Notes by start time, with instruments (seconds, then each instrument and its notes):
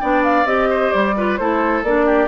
0.00 bassoon B3, clarinet D4, oboe D5, flute G5
0.24 flute F5
0.46 bassoon C4, clarinet G4, flute D#5
0.70 oboe C5
0.92 bassoon G3, flute D5
1.17 clarinet F4, oboe B4
1.38 bassoon A3, clarinet E4, oboe A4, flute C5
1.83 bassoon A#3, clarinet D4, flute D5
2.06 oboe G4